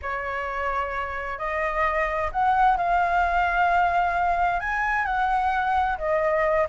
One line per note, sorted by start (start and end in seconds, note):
0.01 1.38 C#5
1.38 2.30 D#5
2.31 2.77 F#5
2.77 4.59 F5
4.59 5.05 G#5
5.05 5.97 F#5
5.98 6.67 D#5